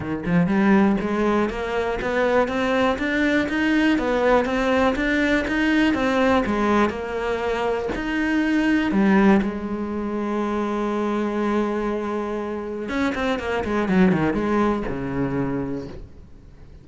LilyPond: \new Staff \with { instrumentName = "cello" } { \time 4/4 \tempo 4 = 121 dis8 f8 g4 gis4 ais4 | b4 c'4 d'4 dis'4 | b4 c'4 d'4 dis'4 | c'4 gis4 ais2 |
dis'2 g4 gis4~ | gis1~ | gis2 cis'8 c'8 ais8 gis8 | fis8 dis8 gis4 cis2 | }